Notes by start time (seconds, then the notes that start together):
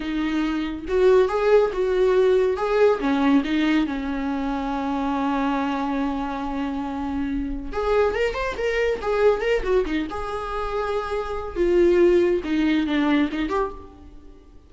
0.00 D#4
0.87 F#4
1.28 G#4
1.73 F#4
2.56 G#4
3.00 C#4
3.44 D#4
3.86 C#4
7.72 G#4
8.14 A#4
8.34 C5
8.57 A#4
9.01 G#4
9.41 A#4
9.63 F#4
9.85 D#4
10.10 G#4
11.56 F4
12.43 D#4
12.86 D4
13.31 D#4
13.49 G4